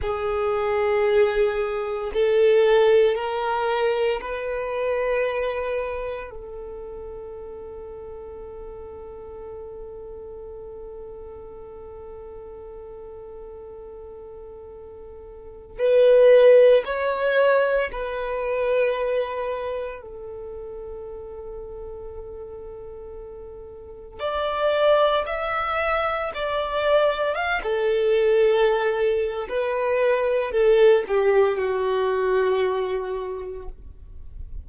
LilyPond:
\new Staff \with { instrumentName = "violin" } { \time 4/4 \tempo 4 = 57 gis'2 a'4 ais'4 | b'2 a'2~ | a'1~ | a'2. b'4 |
cis''4 b'2 a'4~ | a'2. d''4 | e''4 d''4 f''16 a'4.~ a'16 | b'4 a'8 g'8 fis'2 | }